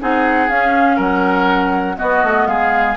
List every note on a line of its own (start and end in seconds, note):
0.00 0.49 C4
0.00 0.50 D#4
0.00 0.97 G#4
0.00 0.50 F#5
0.49 0.98 C#4
0.49 1.97 C#4
0.49 0.99 F5
0.97 1.98 F#3
0.97 1.96 A#4
0.97 1.98 F#5
1.97 2.96 B3
1.97 2.24 B3
1.97 2.48 F#4
1.97 2.47 D#5
2.24 2.47 A3
2.47 2.97 G#3
2.47 2.97 G#4
2.47 2.97 F5